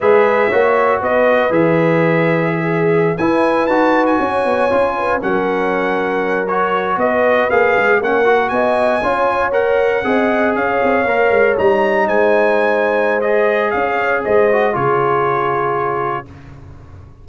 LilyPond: <<
  \new Staff \with { instrumentName = "trumpet" } { \time 4/4 \tempo 4 = 118 e''2 dis''4 e''4~ | e''2~ e''16 gis''4 a''8. | gis''2~ gis''16 fis''4.~ fis''16~ | fis''8. cis''4 dis''4 f''4 fis''16~ |
fis''8. gis''2 fis''4~ fis''16~ | fis''8. f''2 ais''4 gis''16~ | gis''2 dis''4 f''4 | dis''4 cis''2. | }
  \new Staff \with { instrumentName = "horn" } { \time 4/4 b'4 cis''4 b'2~ | b'4 gis'4~ gis'16 b'4.~ b'16~ | b'16 cis''4. b'8 ais'4.~ ais'16~ | ais'4.~ ais'16 b'2 ais'16~ |
ais'8. dis''4 cis''2 dis''16~ | dis''8. cis''2. c''16~ | c''2. cis''4 | c''4 gis'2. | }
  \new Staff \with { instrumentName = "trombone" } { \time 4/4 gis'4 fis'2 gis'4~ | gis'2~ gis'16 e'4 fis'8.~ | fis'4~ fis'16 f'4 cis'4.~ cis'16~ | cis'8. fis'2 gis'4 cis'16~ |
cis'16 fis'4. f'4 ais'4 gis'16~ | gis'4.~ gis'16 ais'4 dis'4~ dis'16~ | dis'2 gis'2~ | gis'8 fis'8 f'2. | }
  \new Staff \with { instrumentName = "tuba" } { \time 4/4 gis4 ais4 b4 e4~ | e2~ e16 e'4 dis'8.~ | dis'16 cis'8 b8 cis'4 fis4.~ fis16~ | fis4.~ fis16 b4 ais8 gis8 ais16~ |
ais8. b4 cis'2 c'16~ | c'8. cis'8 c'8 ais8 gis8 g4 gis16~ | gis2. cis'4 | gis4 cis2. | }
>>